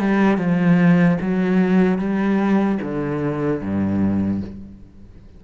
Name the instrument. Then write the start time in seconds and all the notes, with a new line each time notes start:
cello
0.00 G3
0.38 F3
1.21 F#3
1.99 G3
2.82 D3
3.61 G2